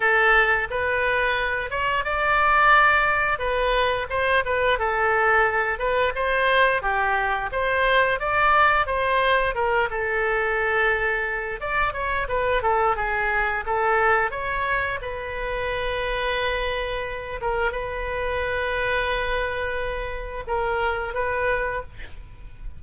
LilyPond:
\new Staff \with { instrumentName = "oboe" } { \time 4/4 \tempo 4 = 88 a'4 b'4. cis''8 d''4~ | d''4 b'4 c''8 b'8 a'4~ | a'8 b'8 c''4 g'4 c''4 | d''4 c''4 ais'8 a'4.~ |
a'4 d''8 cis''8 b'8 a'8 gis'4 | a'4 cis''4 b'2~ | b'4. ais'8 b'2~ | b'2 ais'4 b'4 | }